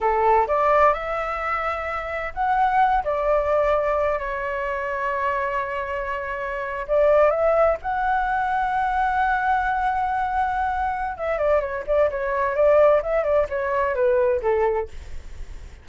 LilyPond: \new Staff \with { instrumentName = "flute" } { \time 4/4 \tempo 4 = 129 a'4 d''4 e''2~ | e''4 fis''4. d''4.~ | d''4 cis''2.~ | cis''2~ cis''8. d''4 e''16~ |
e''8. fis''2.~ fis''16~ | fis''1 | e''8 d''8 cis''8 d''8 cis''4 d''4 | e''8 d''8 cis''4 b'4 a'4 | }